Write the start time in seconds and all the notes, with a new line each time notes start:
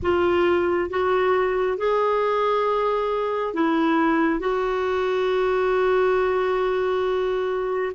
0.02 F4
0.90 F#4
1.77 G#4
3.53 E4
4.39 F#4